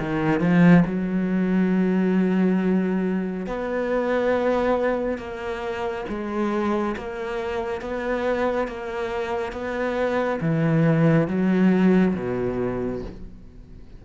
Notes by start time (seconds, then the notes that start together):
0.00 D#3
0.40 F3
0.86 F#3
3.47 B3
5.18 A#3
6.09 G#3
6.97 A#3
7.81 B3
8.68 A#3
9.53 B3
10.41 E3
11.28 F#3
12.15 B2